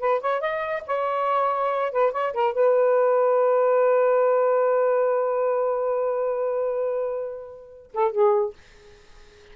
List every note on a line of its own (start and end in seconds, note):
0.00 0.21 B4
0.21 0.41 C#5
0.41 0.83 D#5
0.87 1.92 C#5
1.92 2.12 B4
2.12 2.33 C#5
2.33 2.54 A#4
2.54 7.92 B4
7.94 8.11 A4
8.11 8.54 G#4